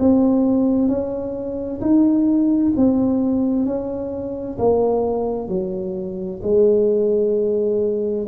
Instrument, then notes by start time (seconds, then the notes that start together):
tuba
0.00 C4
0.89 C#4
1.82 D#4
2.77 C4
3.66 C#4
4.59 A#3
5.49 F#3
6.43 G#3